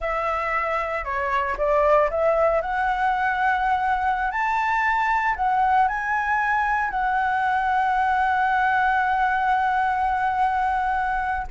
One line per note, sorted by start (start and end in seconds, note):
0.00 1.04 E5
1.04 1.56 C#5
1.57 2.09 D5
2.10 2.61 E5
2.61 4.31 F#5
4.31 5.35 A5
5.36 5.88 F#5
5.88 6.90 G#5
6.90 11.46 F#5